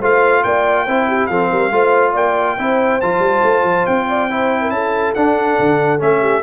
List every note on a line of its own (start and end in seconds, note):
0.00 0.43 A3
0.00 0.87 F4
0.00 0.43 C5
0.00 0.43 F5
0.43 0.87 A#3
0.43 0.85 D5
0.43 1.26 G5
0.85 1.29 C4
0.85 1.31 E4
0.85 1.06 C5
1.08 1.29 G4
1.26 1.50 F3
1.26 1.72 C4
1.26 1.50 A4
1.26 2.12 F5
1.50 1.71 G3
1.50 1.71 A#4
1.71 2.14 A3
1.71 2.57 F4
1.71 2.12 C5
2.12 2.57 A#3
2.12 2.55 D5
2.12 3.00 G5
2.58 3.01 C4
2.58 3.01 E4
2.58 4.08 C5
3.00 3.19 F3
3.00 4.30 F4
3.00 3.86 A5
3.19 3.40 G3
3.42 3.63 A3
3.63 3.85 F3
3.86 4.70 C4
3.86 4.70 G5
4.08 4.29 D5
4.30 5.15 E4
4.30 4.61 C5
4.61 4.72 A#4
4.70 5.13 C#4
4.70 6.20 A4
4.70 5.13 A5
5.14 5.98 D4
5.14 5.58 D4
5.14 6.00 F#5
5.59 6.01 D3
5.98 6.42 A3
5.98 6.41 C#4
5.98 6.42 E5
6.20 6.42 G4